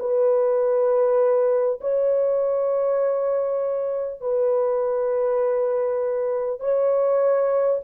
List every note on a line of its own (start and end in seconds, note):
0.00 1.80 B4
1.81 4.21 C#5
4.21 6.60 B4
6.60 7.80 C#5